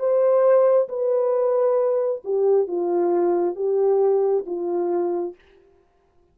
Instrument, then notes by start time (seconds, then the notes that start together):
horn
0.00 C5
0.89 B4
2.25 G4
2.68 F4
3.56 G4
4.47 F4